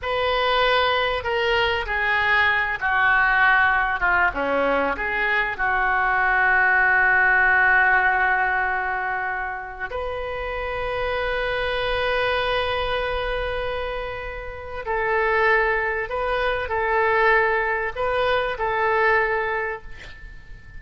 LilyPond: \new Staff \with { instrumentName = "oboe" } { \time 4/4 \tempo 4 = 97 b'2 ais'4 gis'4~ | gis'8 fis'2 f'8 cis'4 | gis'4 fis'2.~ | fis'1 |
b'1~ | b'1 | a'2 b'4 a'4~ | a'4 b'4 a'2 | }